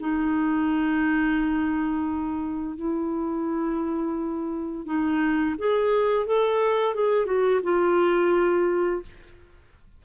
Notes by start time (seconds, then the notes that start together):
0.00 D#4
2.77 E4
4.86 D#4
5.58 G#4
6.26 A4
6.95 G#4
7.26 F#4
7.63 F4